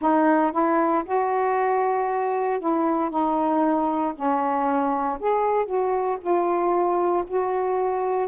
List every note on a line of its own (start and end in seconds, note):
0.01 0.52 D#4
0.52 1.03 E4
1.05 2.59 F#4
2.59 3.10 E4
3.10 4.13 D#4
4.15 5.19 C#4
5.19 5.65 G#4
5.65 6.17 F#4
6.20 7.24 F4
7.27 8.28 F#4